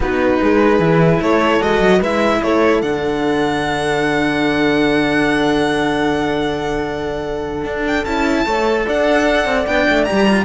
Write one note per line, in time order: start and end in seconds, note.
0.00 0.38 B3
0.00 0.80 D#4
0.00 0.41 F#4
0.00 1.21 B4
0.41 0.79 G#3
0.41 1.21 G#4
0.79 1.19 E3
0.79 1.60 E4
1.20 1.60 A3
1.20 1.98 A4
1.20 1.61 C#5
1.60 1.80 G#3
1.60 2.00 F#4
1.60 2.02 D#5
1.80 2.00 F#3
1.98 2.40 G#3
1.98 2.82 E4
1.98 2.38 B4
1.98 2.43 E5
2.42 2.82 A3
2.42 8.45 A4
2.42 2.82 C#5
2.82 7.64 D3
2.82 8.05 D4
2.82 7.85 F#5
7.64 8.05 D4
7.87 8.05 G5
8.05 8.45 C#4
8.05 8.45 E4
8.05 8.85 A5
8.45 8.86 A3
8.45 9.66 A4
8.45 8.86 C#5
8.86 9.45 D4
8.86 10.45 D5
8.86 9.66 F#5
9.45 9.65 C4
9.66 9.86 B3
9.66 10.06 D4
9.66 10.04 G5
9.88 10.08 A3
10.04 10.26 G4
10.04 10.44 A#5
10.11 10.45 G3
10.27 10.45 F4